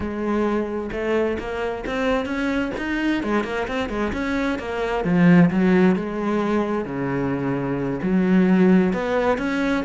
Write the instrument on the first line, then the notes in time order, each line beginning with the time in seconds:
cello
0.00 G#3
0.92 A3
1.38 A#3
1.86 C4
2.25 C#4
2.77 D#4
3.23 G#3
3.44 A#3
3.67 C4
3.89 G#3
4.12 C#4
4.58 A#3
5.04 F3
5.50 F#3
5.95 G#3
6.85 C#3
8.02 F#3
8.93 B3
9.38 C#4